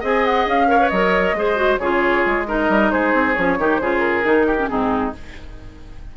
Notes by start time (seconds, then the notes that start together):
0.00 C4 G#4 D#5 G#5
0.25 F#5
0.46 C#4 F5
0.67 A#4 C#5
0.80 B4
0.89 F#3 A#4 D#5
1.33 G#3 G#4 C5
1.56 F#4
1.78 C#3 F4 G#4 C#5
2.26 G#3
2.46 D#4 A#4 D#5
2.69 G3
2.91 G#3 G#4 C5
3.14 C4
3.34 F3 C#4 C#5
3.58 D#3 D#4 G4
3.77 C#3 F4 G#4 C5
3.99 A#4
4.23 D#3 D#4
4.47 G4
4.59 C#4
4.68 G#2 C4 D#4 G#4